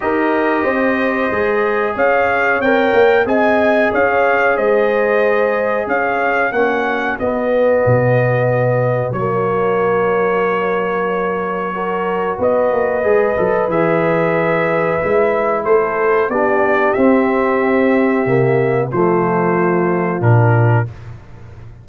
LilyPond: <<
  \new Staff \with { instrumentName = "trumpet" } { \time 4/4 \tempo 4 = 92 dis''2. f''4 | g''4 gis''4 f''4 dis''4~ | dis''4 f''4 fis''4 dis''4~ | dis''2 cis''2~ |
cis''2. dis''4~ | dis''4 e''2. | c''4 d''4 e''2~ | e''4 c''2 ais'4 | }
  \new Staff \with { instrumentName = "horn" } { \time 4/4 ais'4 c''2 cis''4~ | cis''4 dis''4 cis''4 c''4~ | c''4 cis''4 fis'2~ | fis'1~ |
fis'2 ais'4 b'4~ | b'1 | a'4 g'2.~ | g'4 f'2. | }
  \new Staff \with { instrumentName = "trombone" } { \time 4/4 g'2 gis'2 | ais'4 gis'2.~ | gis'2 cis'4 b4~ | b2 ais2~ |
ais2 fis'2 | gis'8 a'8 gis'2 e'4~ | e'4 d'4 c'2 | ais4 a2 d'4 | }
  \new Staff \with { instrumentName = "tuba" } { \time 4/4 dis'4 c'4 gis4 cis'4 | c'8 ais8 c'4 cis'4 gis4~ | gis4 cis'4 ais4 b4 | b,2 fis2~ |
fis2. b8 ais8 | gis8 fis8 e2 gis4 | a4 b4 c'2 | c4 f2 ais,4 | }
>>